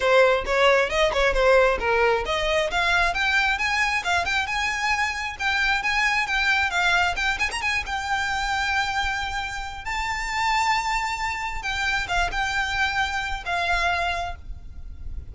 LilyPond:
\new Staff \with { instrumentName = "violin" } { \time 4/4 \tempo 4 = 134 c''4 cis''4 dis''8 cis''8 c''4 | ais'4 dis''4 f''4 g''4 | gis''4 f''8 g''8 gis''2 | g''4 gis''4 g''4 f''4 |
g''8 gis''16 ais''16 gis''8 g''2~ g''8~ | g''2 a''2~ | a''2 g''4 f''8 g''8~ | g''2 f''2 | }